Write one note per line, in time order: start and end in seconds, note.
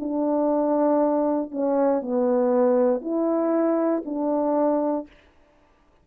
0.00 1.52 D4
1.52 2.02 C#4
2.02 3.01 B3
3.01 4.03 E4
4.06 5.08 D4